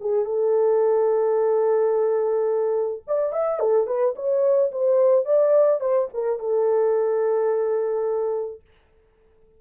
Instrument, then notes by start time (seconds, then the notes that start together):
horn
0.00 G#4
0.25 A4
3.07 D5
3.32 E5
3.59 A4
3.86 B4
4.15 C#5
4.71 C5
5.25 D5
5.80 C5
6.13 A#4
6.39 A4